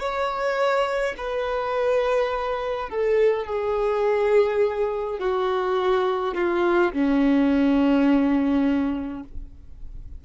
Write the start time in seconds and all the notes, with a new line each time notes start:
0.00 C#5
1.18 B4
2.90 A4
3.47 G#4
5.20 F#4
6.35 F4
6.93 C#4